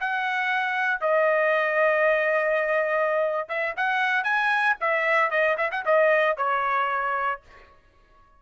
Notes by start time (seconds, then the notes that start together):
0.00 F#5
1.01 D#5
3.48 E5
3.77 F#5
4.24 G#5
4.80 E5
5.30 D#5
5.58 E5
5.71 F#5
5.85 D#5
6.37 C#5